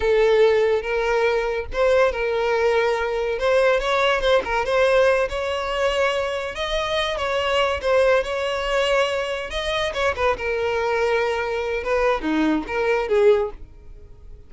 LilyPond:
\new Staff \with { instrumentName = "violin" } { \time 4/4 \tempo 4 = 142 a'2 ais'2 | c''4 ais'2. | c''4 cis''4 c''8 ais'8 c''4~ | c''8 cis''2. dis''8~ |
dis''4 cis''4. c''4 cis''8~ | cis''2~ cis''8 dis''4 cis''8 | b'8 ais'2.~ ais'8 | b'4 dis'4 ais'4 gis'4 | }